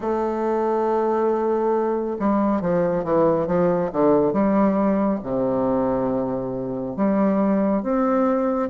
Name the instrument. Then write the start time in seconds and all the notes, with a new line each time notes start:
bassoon
0.00 A3
2.19 G3
2.61 F3
3.04 E3
3.47 F3
3.92 D3
4.32 G3
5.23 C3
6.96 G3
7.82 C4